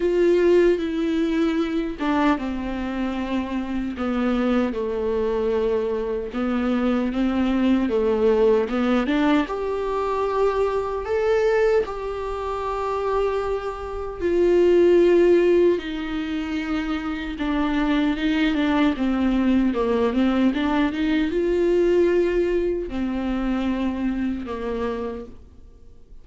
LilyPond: \new Staff \with { instrumentName = "viola" } { \time 4/4 \tempo 4 = 76 f'4 e'4. d'8 c'4~ | c'4 b4 a2 | b4 c'4 a4 b8 d'8 | g'2 a'4 g'4~ |
g'2 f'2 | dis'2 d'4 dis'8 d'8 | c'4 ais8 c'8 d'8 dis'8 f'4~ | f'4 c'2 ais4 | }